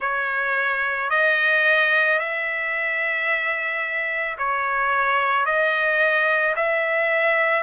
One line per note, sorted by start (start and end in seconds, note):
0.00 1.10 C#5
1.10 2.19 D#5
2.19 4.37 E5
4.38 5.45 C#5
5.45 6.55 D#5
6.56 7.63 E5